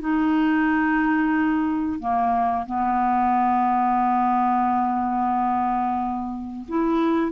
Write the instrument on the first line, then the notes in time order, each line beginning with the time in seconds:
clarinet
0.00 D#4
1.99 A#3
2.66 B3
6.68 E4